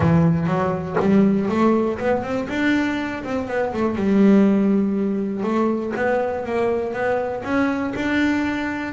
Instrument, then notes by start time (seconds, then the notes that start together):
double bass
0.00 E3
0.46 F#3
0.99 G3
1.49 A3
1.99 B3
2.22 C4
2.48 D4
3.23 C4
3.47 B3
3.73 A3
3.95 G3
5.43 A3
5.96 B3
6.45 A#3
6.93 B3
7.44 C#4
7.95 D4